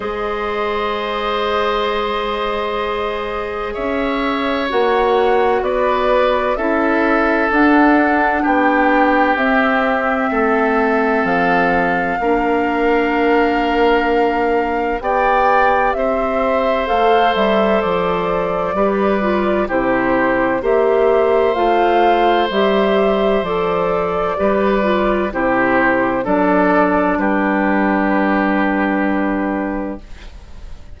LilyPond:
<<
  \new Staff \with { instrumentName = "flute" } { \time 4/4 \tempo 4 = 64 dis''1 | e''4 fis''4 d''4 e''4 | fis''4 g''4 e''2 | f''1 |
g''4 e''4 f''8 e''8 d''4~ | d''4 c''4 e''4 f''4 | e''4 d''2 c''4 | d''4 b'2. | }
  \new Staff \with { instrumentName = "oboe" } { \time 4/4 c''1 | cis''2 b'4 a'4~ | a'4 g'2 a'4~ | a'4 ais'2. |
d''4 c''2. | b'4 g'4 c''2~ | c''2 b'4 g'4 | a'4 g'2. | }
  \new Staff \with { instrumentName = "clarinet" } { \time 4/4 gis'1~ | gis'4 fis'2 e'4 | d'2 c'2~ | c'4 d'2. |
g'2 a'2 | g'8 f'8 e'4 g'4 f'4 | g'4 a'4 g'8 f'8 e'4 | d'1 | }
  \new Staff \with { instrumentName = "bassoon" } { \time 4/4 gis1 | cis'4 ais4 b4 cis'4 | d'4 b4 c'4 a4 | f4 ais2. |
b4 c'4 a8 g8 f4 | g4 c4 ais4 a4 | g4 f4 g4 c4 | fis4 g2. | }
>>